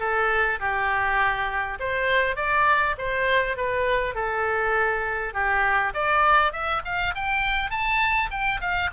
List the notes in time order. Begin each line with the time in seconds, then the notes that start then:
0.00 A4
0.60 G4
1.80 C5
2.37 D5
2.98 C5
3.57 B4
4.15 A4
5.34 G4
5.94 D5
6.53 E5
6.85 F5
7.15 G5
7.71 A5
8.31 G5
8.61 F5